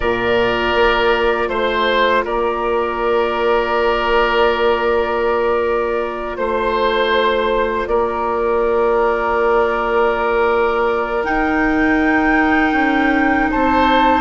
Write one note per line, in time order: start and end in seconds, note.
0.00 0.75 A#2
0.00 11.24 F4
0.00 1.48 A#4
0.00 1.48 D5
0.75 1.48 A#3
1.48 2.23 A3
1.48 2.23 C5
1.48 2.24 C5
2.24 6.37 A#3
2.24 6.37 A#4
2.24 6.36 D5
6.36 7.87 A3
6.36 7.86 C5
6.36 7.89 C5
7.86 11.24 A#3
7.86 13.50 A#4
7.86 11.24 D5
11.24 14.20 D#4
11.24 12.72 D#4
11.24 13.49 G5
12.72 13.47 C#4
13.50 14.20 C4
13.50 14.20 C5
13.50 14.20 A5